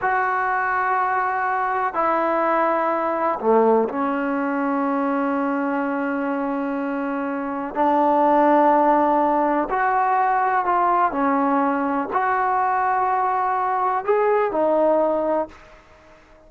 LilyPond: \new Staff \with { instrumentName = "trombone" } { \time 4/4 \tempo 4 = 124 fis'1 | e'2. a4 | cis'1~ | cis'1 |
d'1 | fis'2 f'4 cis'4~ | cis'4 fis'2.~ | fis'4 gis'4 dis'2 | }